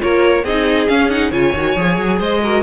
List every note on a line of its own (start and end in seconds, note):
0.00 0.44 A#3
0.00 0.44 F4
0.00 0.44 A#4
0.00 0.45 C#5
0.44 0.88 C4
0.44 0.88 D#4
0.44 1.31 G#4
0.44 0.88 D#5
0.88 1.10 C#4
0.88 1.32 C#4
0.88 1.10 F5
1.10 1.32 D#4
1.10 1.32 F#5
1.31 1.53 C#3
1.31 1.54 F4
1.31 2.18 C#5
1.31 2.20 G#5
1.54 1.76 D#3
1.54 1.76 F#4
1.76 1.98 F3
1.76 2.42 G#4
1.98 2.20 F#3
2.18 2.63 G#3
2.18 2.40 C5
2.18 2.63 D#5
2.43 2.63 F#4
2.43 2.63 A#4